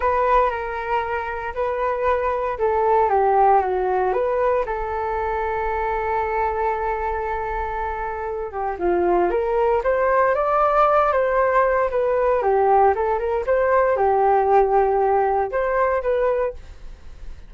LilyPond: \new Staff \with { instrumentName = "flute" } { \time 4/4 \tempo 4 = 116 b'4 ais'2 b'4~ | b'4 a'4 g'4 fis'4 | b'4 a'2.~ | a'1~ |
a'8 g'8 f'4 ais'4 c''4 | d''4. c''4. b'4 | g'4 a'8 ais'8 c''4 g'4~ | g'2 c''4 b'4 | }